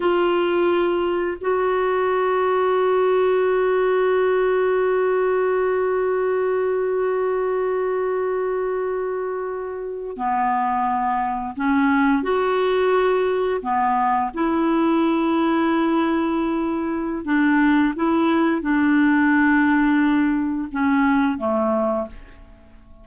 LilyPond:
\new Staff \with { instrumentName = "clarinet" } { \time 4/4 \tempo 4 = 87 f'2 fis'2~ | fis'1~ | fis'1~ | fis'2~ fis'8. b4~ b16~ |
b8. cis'4 fis'2 b16~ | b8. e'2.~ e'16~ | e'4 d'4 e'4 d'4~ | d'2 cis'4 a4 | }